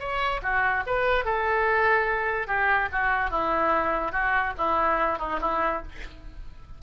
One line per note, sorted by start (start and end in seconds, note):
0.00 0.41 C#5
0.43 0.84 F#4
0.87 1.25 B4
1.25 2.48 A4
2.48 2.89 G4
2.92 3.31 F#4
3.31 4.12 E4
4.12 4.54 F#4
4.58 5.19 E4
5.19 5.40 D#4
5.41 5.83 E4